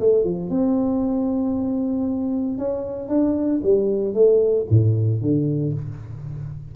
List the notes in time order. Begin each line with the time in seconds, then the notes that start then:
0.00 A3
0.24 F3
0.50 C4
2.58 C#4
3.09 D4
3.64 G3
4.14 A3
4.70 A2
5.22 D3